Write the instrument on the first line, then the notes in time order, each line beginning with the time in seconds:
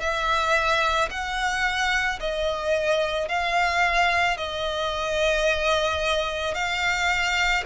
violin
0.00 E5
1.11 F#5
2.20 D#5
3.29 F5
4.37 D#5
6.55 F5